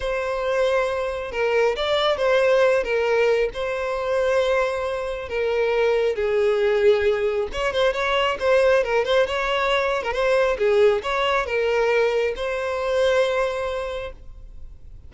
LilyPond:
\new Staff \with { instrumentName = "violin" } { \time 4/4 \tempo 4 = 136 c''2. ais'4 | d''4 c''4. ais'4. | c''1 | ais'2 gis'2~ |
gis'4 cis''8 c''8 cis''4 c''4 | ais'8 c''8 cis''4.~ cis''16 ais'16 c''4 | gis'4 cis''4 ais'2 | c''1 | }